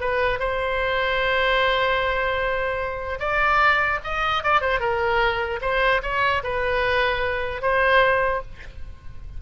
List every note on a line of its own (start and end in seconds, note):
0.00 0.39 B4
0.39 3.19 C5
3.19 3.99 D5
4.04 4.43 D#5
4.43 4.61 D5
4.61 4.79 C5
4.79 5.59 A#4
5.61 6.01 C5
6.02 6.42 C#5
6.43 7.61 B4
7.61 8.41 C5